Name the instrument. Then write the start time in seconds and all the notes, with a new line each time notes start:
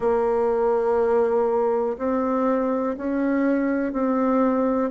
bassoon
0.00 A#3
1.98 C4
2.97 C#4
3.92 C4